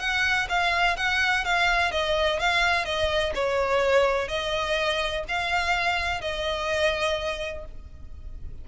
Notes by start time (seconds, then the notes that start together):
0.00 F#5
0.49 F5
0.97 F#5
1.45 F5
1.92 D#5
2.40 F5
2.85 D#5
3.35 C#5
4.28 D#5
5.29 F5
6.21 D#5